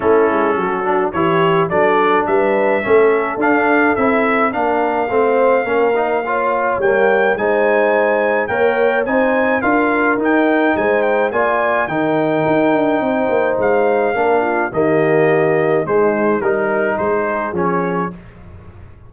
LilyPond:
<<
  \new Staff \with { instrumentName = "trumpet" } { \time 4/4 \tempo 4 = 106 a'2 cis''4 d''4 | e''2 f''4 e''4 | f''1 | g''4 gis''2 g''4 |
gis''4 f''4 g''4 gis''8 g''8 | gis''4 g''2. | f''2 dis''2 | c''4 ais'4 c''4 cis''4 | }
  \new Staff \with { instrumentName = "horn" } { \time 4/4 e'4 fis'4 g'4 a'4 | b'4 a'2. | ais'4 c''4 ais'4 cis''4~ | cis''4 c''2 cis''4 |
c''4 ais'2 c''4 | d''4 ais'2 c''4~ | c''4 ais'8 f'8 g'2 | dis'4 ais'4 gis'2 | }
  \new Staff \with { instrumentName = "trombone" } { \time 4/4 cis'4. d'8 e'4 d'4~ | d'4 cis'4 d'4 e'4 | d'4 c'4 cis'8 dis'8 f'4 | ais4 dis'2 ais'4 |
dis'4 f'4 dis'2 | f'4 dis'2.~ | dis'4 d'4 ais2 | gis4 dis'2 cis'4 | }
  \new Staff \with { instrumentName = "tuba" } { \time 4/4 a8 gis8 fis4 e4 fis4 | g4 a4 d'4 c'4 | ais4 a4 ais2 | g4 gis2 ais4 |
c'4 d'4 dis'4 gis4 | ais4 dis4 dis'8 d'8 c'8 ais8 | gis4 ais4 dis2 | gis4 g4 gis4 f4 | }
>>